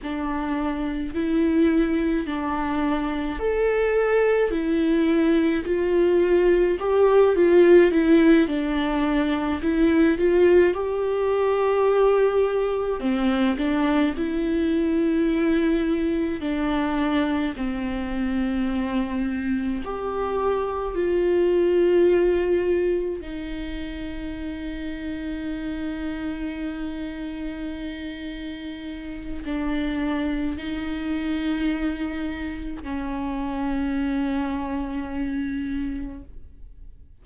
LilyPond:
\new Staff \with { instrumentName = "viola" } { \time 4/4 \tempo 4 = 53 d'4 e'4 d'4 a'4 | e'4 f'4 g'8 f'8 e'8 d'8~ | d'8 e'8 f'8 g'2 c'8 | d'8 e'2 d'4 c'8~ |
c'4. g'4 f'4.~ | f'8 dis'2.~ dis'8~ | dis'2 d'4 dis'4~ | dis'4 cis'2. | }